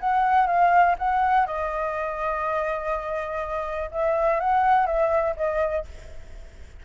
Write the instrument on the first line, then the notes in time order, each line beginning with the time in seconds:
flute
0.00 F#5
0.47 F5
0.98 F#5
1.46 D#5
3.91 E5
4.40 F#5
4.87 E5
5.36 D#5